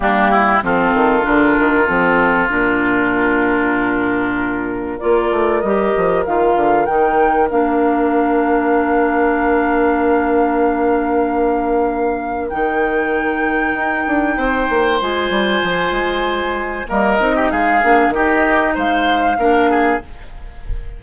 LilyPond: <<
  \new Staff \with { instrumentName = "flute" } { \time 4/4 \tempo 4 = 96 g'4 a'4 ais'4 a'4 | ais'1 | d''4 dis''4 f''4 g''4 | f''1~ |
f''1 | g''1 | gis''2. dis''4 | f''4 dis''4 f''2 | }
  \new Staff \with { instrumentName = "oboe" } { \time 4/4 d'8 e'8 f'2.~ | f'1 | ais'1~ | ais'1~ |
ais'1~ | ais'2. c''4~ | c''2. ais'8. g'16 | gis'4 g'4 c''4 ais'8 gis'8 | }
  \new Staff \with { instrumentName = "clarinet" } { \time 4/4 ais4 c'4 d'4 c'4 | d'1 | f'4 g'4 f'4 dis'4 | d'1~ |
d'1 | dis'1 | f'2. ais8 dis'8~ | dis'8 d'8 dis'2 d'4 | }
  \new Staff \with { instrumentName = "bassoon" } { \time 4/4 g4 f8 dis8 d8 dis8 f4 | ais,1 | ais8 a8 g8 f8 dis8 d8 dis4 | ais1~ |
ais1 | dis2 dis'8 d'8 c'8 ais8 | gis8 g8 f8 gis4. g8 c'8 | gis8 ais8 dis4 gis4 ais4 | }
>>